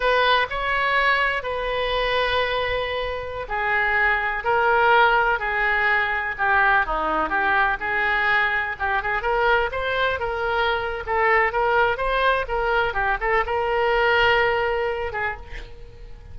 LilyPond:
\new Staff \with { instrumentName = "oboe" } { \time 4/4 \tempo 4 = 125 b'4 cis''2 b'4~ | b'2.~ b'16 gis'8.~ | gis'4~ gis'16 ais'2 gis'8.~ | gis'4~ gis'16 g'4 dis'4 g'8.~ |
g'16 gis'2 g'8 gis'8 ais'8.~ | ais'16 c''4 ais'4.~ ais'16 a'4 | ais'4 c''4 ais'4 g'8 a'8 | ais'2.~ ais'8 gis'8 | }